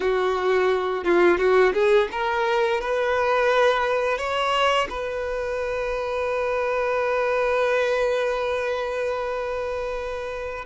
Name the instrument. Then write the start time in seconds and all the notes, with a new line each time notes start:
violin
0.00 F#4
1.04 F4
1.38 F#4
1.73 G#4
2.11 A#4
2.81 B4
4.18 C#5
4.89 B4